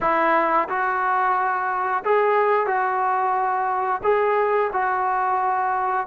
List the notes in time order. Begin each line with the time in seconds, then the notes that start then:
0.00 E4
0.68 F#4
2.04 G#4
2.66 F#4
4.03 G#4
4.73 F#4